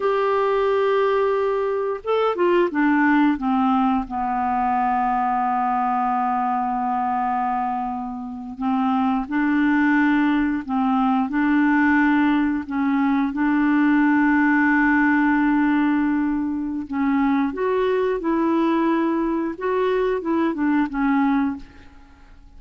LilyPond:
\new Staff \with { instrumentName = "clarinet" } { \time 4/4 \tempo 4 = 89 g'2. a'8 f'8 | d'4 c'4 b2~ | b1~ | b8. c'4 d'2 c'16~ |
c'8. d'2 cis'4 d'16~ | d'1~ | d'4 cis'4 fis'4 e'4~ | e'4 fis'4 e'8 d'8 cis'4 | }